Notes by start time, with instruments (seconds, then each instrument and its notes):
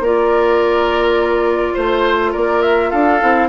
0.00 bassoon A#3, clarinet F4, oboe A#4, flute D5
1.74 bassoon A3, oboe C5, flute C5
2.32 bassoon A#3, oboe A#4, flute D5
2.62 flute E5
2.90 bassoon D4, oboe A4, flute F5
3.21 bassoon C4, clarinet E4